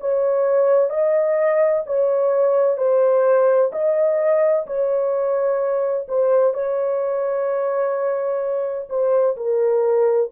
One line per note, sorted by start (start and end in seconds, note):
0.00 0.89 C#5
0.89 1.83 D#5
1.86 2.77 C#5
2.77 3.71 C5
3.72 4.66 D#5
4.66 6.07 C#5
6.08 6.54 C5
6.54 8.88 C#5
8.89 9.36 C5
9.37 10.30 A#4